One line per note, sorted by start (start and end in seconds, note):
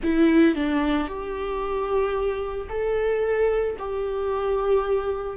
0.03 0.55 E4
0.55 1.07 D4
1.07 2.68 G4
2.69 3.76 A4
3.79 5.37 G4